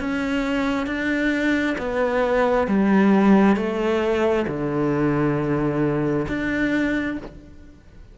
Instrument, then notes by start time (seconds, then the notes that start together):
cello
0.00 C#4
0.87 D4
1.78 B3
2.67 G3
3.56 A3
4.48 D3
6.28 D4